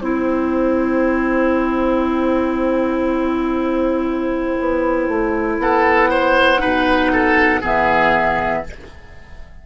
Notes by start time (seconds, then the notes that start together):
0.00 C4 E4 C5 G5
4.60 B3
5.08 A3
5.58 B3 A4 F#5
6.10 C5
6.59 B2 D#4 B4
7.13 A4
7.61 E3 B3 G#4 E5